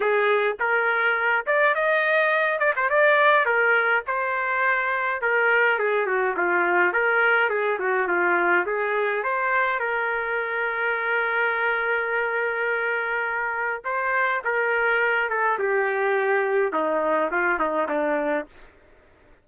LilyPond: \new Staff \with { instrumentName = "trumpet" } { \time 4/4 \tempo 4 = 104 gis'4 ais'4. d''8 dis''4~ | dis''8 d''16 c''16 d''4 ais'4 c''4~ | c''4 ais'4 gis'8 fis'8 f'4 | ais'4 gis'8 fis'8 f'4 gis'4 |
c''4 ais'2.~ | ais'1 | c''4 ais'4. a'8 g'4~ | g'4 dis'4 f'8 dis'8 d'4 | }